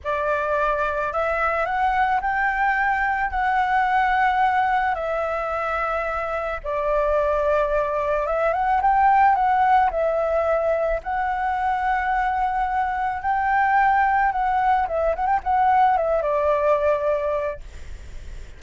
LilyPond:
\new Staff \with { instrumentName = "flute" } { \time 4/4 \tempo 4 = 109 d''2 e''4 fis''4 | g''2 fis''2~ | fis''4 e''2. | d''2. e''8 fis''8 |
g''4 fis''4 e''2 | fis''1 | g''2 fis''4 e''8 fis''16 g''16 | fis''4 e''8 d''2~ d''8 | }